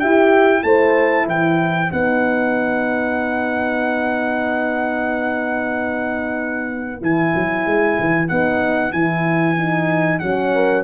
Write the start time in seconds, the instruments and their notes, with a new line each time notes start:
0.00 tuba E4, horn G4 E5, trumpet G5
0.61 tuba A3, horn E4 C5, trumpet A5
1.27 tuba E3, horn B4, trumpet G5
1.92 tuba B3, horn D#4, trumpet F#5
7.02 tuba E3, horn E4, trumpet G#5
7.35 tuba F#3
7.67 tuba G#3
8.00 tuba E3
8.29 tuba B3, horn D#4, trumpet F#5
8.93 tuba E3, horn E4, trumpet G#5
9.58 horn D#4
10.20 tuba F#3, horn C#4, trumpet F#5
10.55 horn A#4